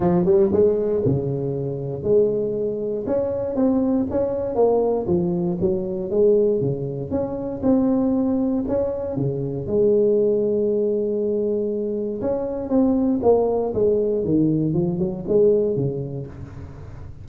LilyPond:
\new Staff \with { instrumentName = "tuba" } { \time 4/4 \tempo 4 = 118 f8 g8 gis4 cis2 | gis2 cis'4 c'4 | cis'4 ais4 f4 fis4 | gis4 cis4 cis'4 c'4~ |
c'4 cis'4 cis4 gis4~ | gis1 | cis'4 c'4 ais4 gis4 | dis4 f8 fis8 gis4 cis4 | }